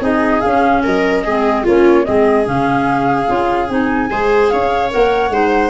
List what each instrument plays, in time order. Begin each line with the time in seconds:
0.00 tuba C4, clarinet D#4, viola G#4, flute D#5
0.40 clarinet C#4, tuba C#4, flute F5
0.83 tuba F#3, viola A#4, flute D#5
1.23 tuba G#3, clarinet C4, viola G#4
1.63 tuba A#3, clarinet C#4, viola F4, flute C#5
2.04 tuba G#3, clarinet C4, viola G#4, flute D#5
2.44 tuba C#3, clarinet C#4, flute F5
3.27 tuba C#4, clarinet F4
3.68 tuba C4, clarinet D#4, flute G#5
4.09 tuba G#3, clarinet G#4, viola C5
4.49 tuba C#4, viola C#5, flute F5
4.90 tuba A#3, clarinet A#4, flute F#5
5.29 tuba G#3, clarinet D#4, viola C5